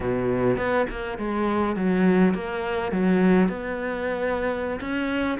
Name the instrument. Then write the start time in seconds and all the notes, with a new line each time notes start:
cello
0.00 B2
0.57 B3
0.89 A#3
1.18 G#3
1.76 F#3
2.34 A#3
2.92 F#3
3.48 B3
4.80 C#4